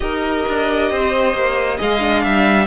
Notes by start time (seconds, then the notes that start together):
0.00 D#4 G4 A#4 D#5
0.48 D4
0.91 C4 C5
1.34 A#3
1.77 G#3 G#4 D#5 F5
1.99 D4
2.23 G3 E5